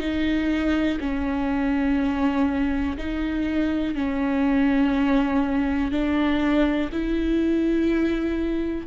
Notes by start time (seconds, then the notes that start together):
0.00 D#4
1.01 C#4
2.97 D#4
3.95 C#4
5.92 D4
6.93 E4